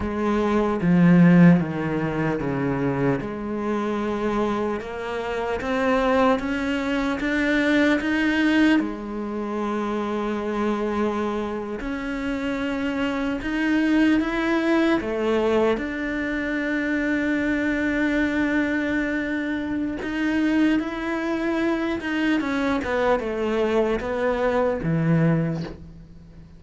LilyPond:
\new Staff \with { instrumentName = "cello" } { \time 4/4 \tempo 4 = 75 gis4 f4 dis4 cis4 | gis2 ais4 c'4 | cis'4 d'4 dis'4 gis4~ | gis2~ gis8. cis'4~ cis'16~ |
cis'8. dis'4 e'4 a4 d'16~ | d'1~ | d'4 dis'4 e'4. dis'8 | cis'8 b8 a4 b4 e4 | }